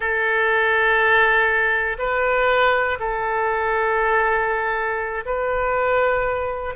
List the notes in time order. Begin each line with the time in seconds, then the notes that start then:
0.00 A4
1.98 B4
2.99 A4
5.25 B4